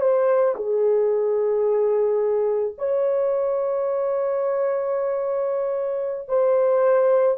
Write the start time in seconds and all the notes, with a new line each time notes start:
0.00 C5
0.56 G#4
2.78 C#5
6.28 C5